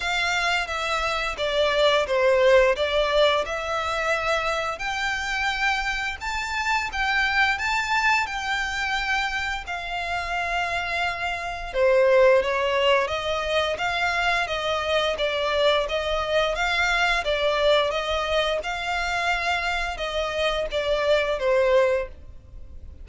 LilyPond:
\new Staff \with { instrumentName = "violin" } { \time 4/4 \tempo 4 = 87 f''4 e''4 d''4 c''4 | d''4 e''2 g''4~ | g''4 a''4 g''4 a''4 | g''2 f''2~ |
f''4 c''4 cis''4 dis''4 | f''4 dis''4 d''4 dis''4 | f''4 d''4 dis''4 f''4~ | f''4 dis''4 d''4 c''4 | }